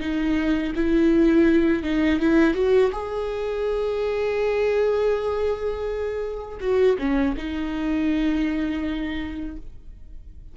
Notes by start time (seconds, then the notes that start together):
0.00 D#4
0.76 E4
1.84 D#4
2.20 E4
2.55 F#4
2.93 G#4
6.61 F#4
6.99 C#4
7.37 D#4